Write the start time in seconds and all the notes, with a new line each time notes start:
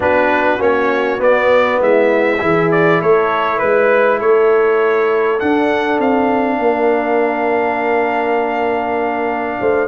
0.00 B3 D4 F#4 B4
0.58 A#3 C#4 C#5
1.18 B3 D5
1.80 G#3 E4 E5
2.39 E3 E4 G#4
2.71 D5
3.00 A3 A4 C#5
3.57 G#3 B4
4.18 A3 A4 C#5
5.39 D4 F#5
5.98 C4 F5
6.58 A#3 A#4
9.59 A3 C5